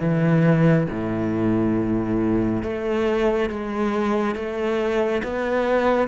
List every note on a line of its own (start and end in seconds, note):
0.00 0.87 E3
0.89 2.63 A2
2.63 3.49 A3
3.49 4.35 G#3
4.35 5.22 A3
5.23 6.08 B3